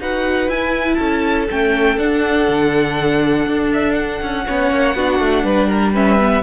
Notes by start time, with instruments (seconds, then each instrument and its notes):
0.00 cello D#4, viola F#4, violin B4 F#5
0.48 cello E4, viola E4, violin G#5
0.95 cello C#4, violin A4 A5
1.50 cello A3, viola C#4, violin G5
1.98 cello D4, viola D4, violin F#5
2.48 cello D3
3.46 cello D4
3.73 violin E5
3.93 violin F#5
4.22 cello C#4
4.46 cello B3, viola C#4, violin C#5
4.71 cello A#3
4.95 cello B3, viola D4, violin F#4
5.19 cello A3
5.43 cello G3, violin B4
5.68 violin A#4
5.93 viola C#4, violin B4 E5
6.20 viola B3